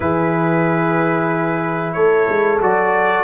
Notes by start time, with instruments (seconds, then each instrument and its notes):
0.00 tuba E3, trombone E4, horn G#4, trumpet B4
1.93 tuba A3, horn A4, trumpet C#5
2.29 tuba G#3
2.61 tuba F#3, trombone F#4, trumpet D5